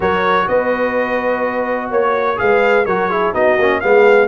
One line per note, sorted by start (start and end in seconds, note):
0.00 0.47 F#3
0.00 2.36 F#4
0.00 0.48 A#4
0.00 0.47 C#5
0.47 1.91 B3
0.47 1.89 B4
0.47 1.90 D#5
1.89 2.38 A#3
1.89 2.37 C#5
1.89 2.38 C#5
2.36 2.86 G#3
2.36 2.84 G#4
2.36 2.85 B4
2.36 2.85 F5
2.85 3.33 F#3
2.85 3.10 F#4
2.85 3.09 A#4
2.85 3.33 C#5
3.09 3.33 E4
3.09 3.32 G#4
3.32 3.57 B3
3.32 3.57 D#4
3.32 3.79 F#4
3.32 3.80 D#5
3.57 3.81 A#3
3.57 3.82 C#4
3.80 4.27 G#3
3.80 4.27 B3
3.80 4.27 G#4
3.80 4.27 F5